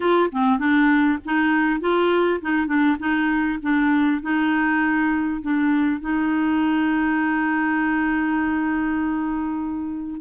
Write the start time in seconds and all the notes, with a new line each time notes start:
0.00 F4
0.32 C4
0.58 D4
1.25 D#4
1.80 F4
2.41 D#4
2.66 D4
2.99 D#4
3.62 D4
4.21 D#4
5.41 D4
6.00 D#4